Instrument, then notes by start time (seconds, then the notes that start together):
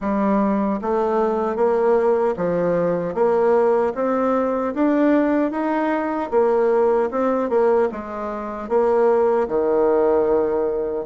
bassoon
0.00 G3
0.81 A3
1.56 A#3
2.36 F3
3.14 A#3
3.95 C4
4.74 D4
5.51 D#4
6.31 A#3
7.11 C4
7.49 A#3
7.91 G#3
8.68 A#3
9.47 D#3